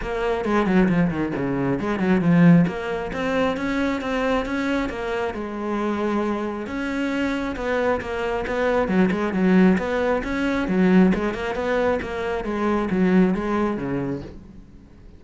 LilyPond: \new Staff \with { instrumentName = "cello" } { \time 4/4 \tempo 4 = 135 ais4 gis8 fis8 f8 dis8 cis4 | gis8 fis8 f4 ais4 c'4 | cis'4 c'4 cis'4 ais4 | gis2. cis'4~ |
cis'4 b4 ais4 b4 | fis8 gis8 fis4 b4 cis'4 | fis4 gis8 ais8 b4 ais4 | gis4 fis4 gis4 cis4 | }